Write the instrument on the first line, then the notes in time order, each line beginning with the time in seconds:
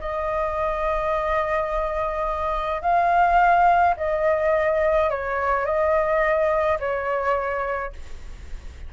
flute
0.00 D#5
2.81 F5
3.96 D#5
5.10 C#5
5.65 D#5
6.79 C#5